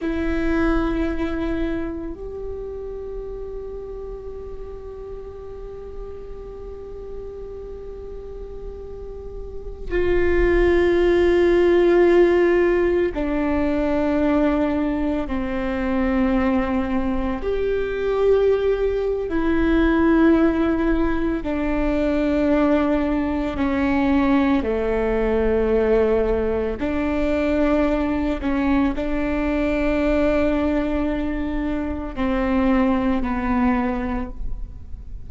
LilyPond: \new Staff \with { instrumentName = "viola" } { \time 4/4 \tempo 4 = 56 e'2 g'2~ | g'1~ | g'4~ g'16 f'2~ f'8.~ | f'16 d'2 c'4.~ c'16~ |
c'16 g'4.~ g'16 e'2 | d'2 cis'4 a4~ | a4 d'4. cis'8 d'4~ | d'2 c'4 b4 | }